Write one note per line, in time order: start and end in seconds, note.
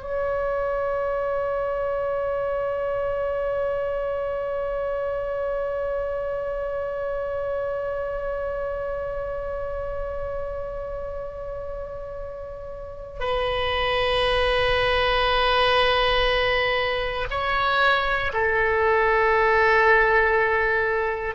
0.00 13.20 C#5
13.20 17.27 B4
17.30 18.32 C#5
18.33 21.35 A4